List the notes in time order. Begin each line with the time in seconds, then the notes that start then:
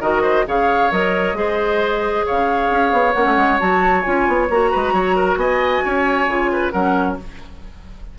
0.00 D#3 F#4 A#4 D#5
0.22 C5
0.46 C#3 G#4 C#5 F5
0.91 F#3 A#4 D#5
1.33 G#3 G#4 C5
2.26 C#3 C#5 F5
2.70 C#4
2.92 B3
3.13 A#3 C#4 F#5
3.25 A3
3.36 G#3
3.60 F#3 F#4 A5
4.01 C#4 F4 G#5
4.27 B3
4.49 A#3 F#4 A#5
4.71 G#3 B4
4.92 F#3 C#5
5.16 A#4
5.36 B3 D#5 G#5
5.84 C#4 C#5
6.27 C#3 F4
6.52 B4
6.71 F#3 C#4 A#4 F#5